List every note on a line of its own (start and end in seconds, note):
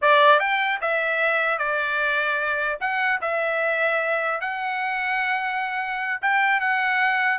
0.01 0.39 D5
0.39 0.79 G5
0.81 1.58 E5
1.58 2.78 D5
2.80 3.20 F#5
3.21 4.41 E5
4.41 6.21 F#5
6.21 6.60 G5
6.60 7.38 F#5